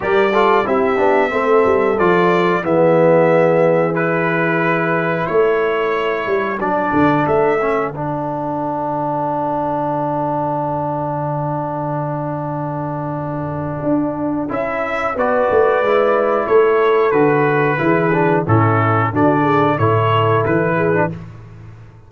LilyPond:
<<
  \new Staff \with { instrumentName = "trumpet" } { \time 4/4 \tempo 4 = 91 d''4 e''2 d''4 | e''2 b'2 | cis''2 d''4 e''4 | fis''1~ |
fis''1~ | fis''2 e''4 d''4~ | d''4 cis''4 b'2 | a'4 d''4 cis''4 b'4 | }
  \new Staff \with { instrumentName = "horn" } { \time 4/4 ais'8 a'8 g'4 a'2 | gis'1 | a'1~ | a'1~ |
a'1~ | a'2. b'4~ | b'4 a'2 gis'4 | e'4 fis'8 gis'8 a'4. gis'8 | }
  \new Staff \with { instrumentName = "trombone" } { \time 4/4 g'8 f'8 e'8 d'8 c'4 f'4 | b2 e'2~ | e'2 d'4. cis'8 | d'1~ |
d'1~ | d'2 e'4 fis'4 | e'2 fis'4 e'8 d'8 | cis'4 d'4 e'4.~ e'16 d'16 | }
  \new Staff \with { instrumentName = "tuba" } { \time 4/4 g4 c'8 b8 a8 g8 f4 | e1 | a4. g8 fis8 d8 a4 | d1~ |
d1~ | d4 d'4 cis'4 b8 a8 | gis4 a4 d4 e4 | a,4 d4 a,4 e4 | }
>>